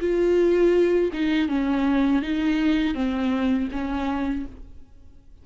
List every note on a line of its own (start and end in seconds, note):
0.00 1.11 F4
1.13 1.48 D#4
1.48 2.22 C#4
2.22 2.95 D#4
2.95 3.69 C4
3.72 4.46 C#4